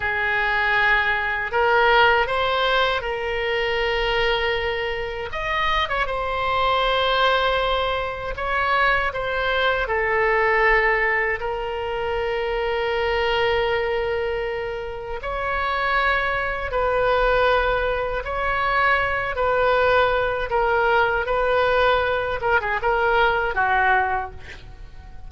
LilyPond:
\new Staff \with { instrumentName = "oboe" } { \time 4/4 \tempo 4 = 79 gis'2 ais'4 c''4 | ais'2. dis''8. cis''16 | c''2. cis''4 | c''4 a'2 ais'4~ |
ais'1 | cis''2 b'2 | cis''4. b'4. ais'4 | b'4. ais'16 gis'16 ais'4 fis'4 | }